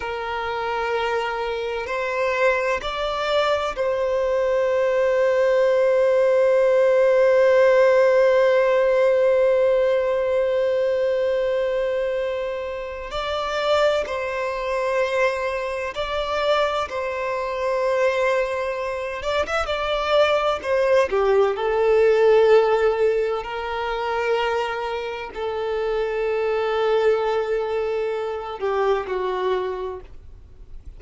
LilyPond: \new Staff \with { instrumentName = "violin" } { \time 4/4 \tempo 4 = 64 ais'2 c''4 d''4 | c''1~ | c''1~ | c''2 d''4 c''4~ |
c''4 d''4 c''2~ | c''8 d''16 e''16 d''4 c''8 g'8 a'4~ | a'4 ais'2 a'4~ | a'2~ a'8 g'8 fis'4 | }